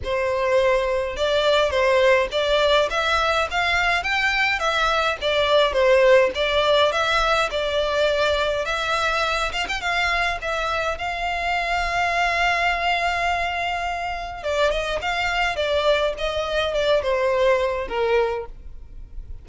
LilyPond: \new Staff \with { instrumentName = "violin" } { \time 4/4 \tempo 4 = 104 c''2 d''4 c''4 | d''4 e''4 f''4 g''4 | e''4 d''4 c''4 d''4 | e''4 d''2 e''4~ |
e''8 f''16 g''16 f''4 e''4 f''4~ | f''1~ | f''4 d''8 dis''8 f''4 d''4 | dis''4 d''8 c''4. ais'4 | }